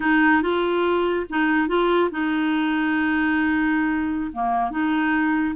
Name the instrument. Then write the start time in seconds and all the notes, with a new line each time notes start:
clarinet
0.00 D#4
0.42 F4
1.29 D#4
1.67 F4
2.11 D#4
4.32 A#3
4.71 D#4